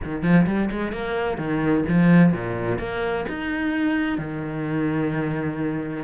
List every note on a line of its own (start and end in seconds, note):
0.04 0.22 D#3
0.22 0.46 F3
0.46 0.69 G3
0.70 0.92 G#3
0.92 1.37 A#3
1.37 1.84 D#3
1.88 2.32 F3
2.32 2.78 A#2
2.78 3.25 A#3
3.28 4.18 D#4
4.18 6.04 D#3